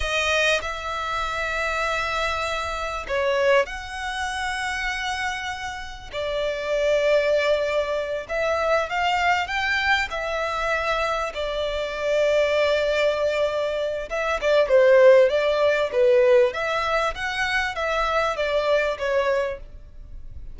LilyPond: \new Staff \with { instrumentName = "violin" } { \time 4/4 \tempo 4 = 98 dis''4 e''2.~ | e''4 cis''4 fis''2~ | fis''2 d''2~ | d''4. e''4 f''4 g''8~ |
g''8 e''2 d''4.~ | d''2. e''8 d''8 | c''4 d''4 b'4 e''4 | fis''4 e''4 d''4 cis''4 | }